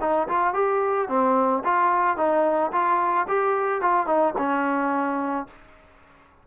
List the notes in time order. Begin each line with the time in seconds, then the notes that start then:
0.00 D#4
0.28 F4
0.54 G4
1.08 C4
1.64 F4
2.17 D#4
2.72 F4
3.28 G4
3.81 F4
4.06 D#4
4.38 C#4